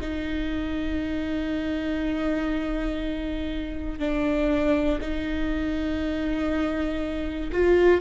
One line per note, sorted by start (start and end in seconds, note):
0.00 3.99 D#4
3.99 4.99 D4
5.00 7.50 D#4
7.52 8.00 F4